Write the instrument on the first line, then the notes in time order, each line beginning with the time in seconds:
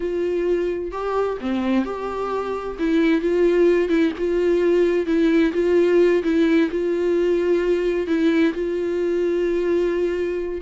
viola
0.00 F4
0.91 G4
1.40 C4
1.84 G4
2.79 E4
3.21 F4
3.89 E4
4.18 F4
5.06 E4
5.53 F4
6.23 E4
6.70 F4
8.07 E4
8.53 F4